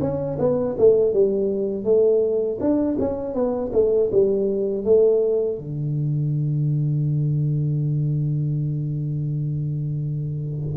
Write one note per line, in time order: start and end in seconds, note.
0.00 0.37 C#4
0.38 0.75 B3
0.78 1.13 A3
1.13 1.84 G3
1.84 2.58 A3
2.60 2.97 D4
2.99 3.34 C#4
3.34 3.71 B3
3.73 4.10 A3
4.11 4.84 G3
4.84 5.58 A3
5.58 10.76 D3